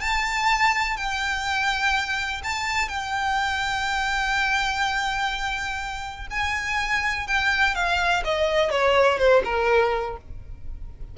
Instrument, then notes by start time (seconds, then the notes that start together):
violin
0.00 A5
0.96 G5
2.43 A5
2.88 G5
6.30 G#5
7.27 G5
7.75 F5
8.24 D#5
8.70 C#5
9.18 C5
9.44 A#4